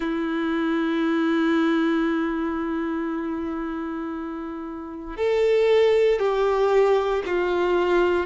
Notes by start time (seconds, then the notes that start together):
0.00 E4
5.17 A4
6.19 G4
7.26 F4